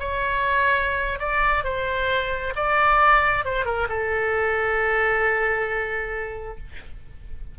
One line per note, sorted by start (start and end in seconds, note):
0.00 1.19 C#5
1.19 1.64 D5
1.64 2.54 C5
2.56 3.45 D5
3.45 3.65 C5
3.65 3.88 A#4
3.89 6.58 A4